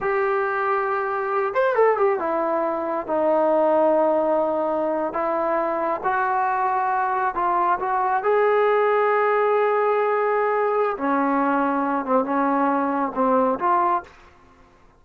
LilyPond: \new Staff \with { instrumentName = "trombone" } { \time 4/4 \tempo 4 = 137 g'2.~ g'8 c''8 | a'8 g'8 e'2 dis'4~ | dis'2.~ dis'8. e'16~ | e'4.~ e'16 fis'2~ fis'16~ |
fis'8. f'4 fis'4 gis'4~ gis'16~ | gis'1~ | gis'4 cis'2~ cis'8 c'8 | cis'2 c'4 f'4 | }